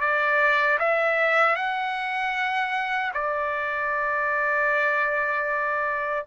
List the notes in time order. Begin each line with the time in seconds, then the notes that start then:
0.00 D5
0.79 E5
1.55 F#5
3.13 D5